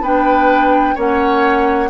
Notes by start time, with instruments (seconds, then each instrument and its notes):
0.00 bassoon B3, clarinet D4, oboe B4, flute G5
0.95 bassoon A#3, clarinet C#4, oboe C#5, flute F#5